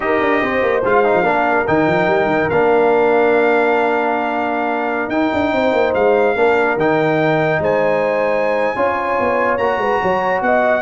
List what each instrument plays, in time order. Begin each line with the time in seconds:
0.00 tuba D#4, trombone G4, horn A#4, trumpet D#5
0.20 tuba D4
0.42 tuba C4, horn C5
0.62 tuba A#3
0.84 tuba G#3, trombone F4, trumpet F5
1.04 trombone D#4
1.14 tuba F3
1.22 tuba A#3, trombone D4, horn A#4
1.67 tuba D#3, trombone D#4, trumpet G5
1.87 tuba F3
2.07 tuba G3
2.26 tuba D#3
2.49 tuba A#3, trombone D4, trumpet F5
5.08 tuba D#4, trombone D#4, trumpet G5
5.33 tuba D4
5.52 tuba C4, horn C5
5.72 tuba A#3
5.94 tuba G#3, trumpet F5
6.35 tuba A#3, trombone D4, horn A#4
6.76 tuba D#3, trombone D#4, trumpet G5
7.59 tuba G#3, horn C5, trumpet G#5
8.75 tuba C#4, trombone F4, horn C#5
9.20 tuba B3
9.57 tuba A#3, trombone F#4, trumpet A#5
9.77 tuba G#3, horn B4
10.01 tuba F#3, horn C#5
10.41 tuba B3, horn D#5, trumpet F#5